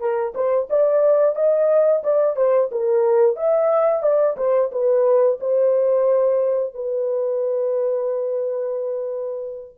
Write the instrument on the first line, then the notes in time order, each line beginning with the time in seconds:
horn
0.00 A#4
0.35 C5
0.70 D5
1.35 D#5
2.04 D5
2.37 C5
2.72 A#4
3.36 E5
4.03 D5
4.37 C5
4.72 B4
5.41 C5
6.74 B4